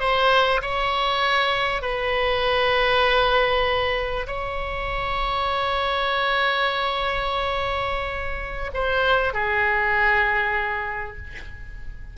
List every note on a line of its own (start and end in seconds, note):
0.00 0.61 C5
0.62 1.82 C#5
1.82 4.27 B4
4.27 8.71 C#5
8.74 9.34 C5
9.34 11.17 G#4